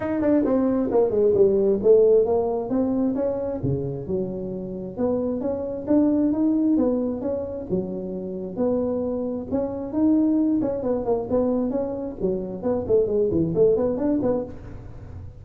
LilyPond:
\new Staff \with { instrumentName = "tuba" } { \time 4/4 \tempo 4 = 133 dis'8 d'8 c'4 ais8 gis8 g4 | a4 ais4 c'4 cis'4 | cis4 fis2 b4 | cis'4 d'4 dis'4 b4 |
cis'4 fis2 b4~ | b4 cis'4 dis'4. cis'8 | b8 ais8 b4 cis'4 fis4 | b8 a8 gis8 e8 a8 b8 d'8 b8 | }